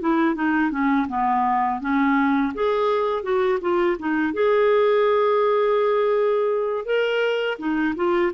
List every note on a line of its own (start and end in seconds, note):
0.00 0.35 E4
0.35 0.71 D#4
0.71 1.07 C#4
1.08 1.81 B3
1.81 2.53 C#4
2.54 3.23 G#4
3.23 3.59 F#4
3.61 3.97 F4
3.99 4.34 D#4
4.34 6.86 G#4
6.86 7.58 A#4
7.59 7.95 D#4
7.96 8.32 F4